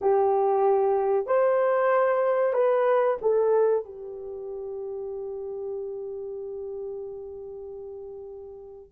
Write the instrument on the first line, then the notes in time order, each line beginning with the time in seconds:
horn
0.01 G4
1.26 C5
2.53 B4
3.21 A4
3.85 G4